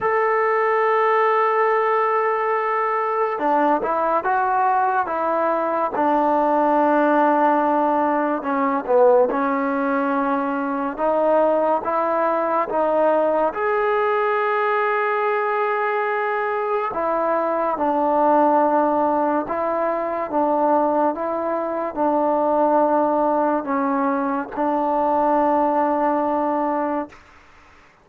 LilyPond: \new Staff \with { instrumentName = "trombone" } { \time 4/4 \tempo 4 = 71 a'1 | d'8 e'8 fis'4 e'4 d'4~ | d'2 cis'8 b8 cis'4~ | cis'4 dis'4 e'4 dis'4 |
gis'1 | e'4 d'2 e'4 | d'4 e'4 d'2 | cis'4 d'2. | }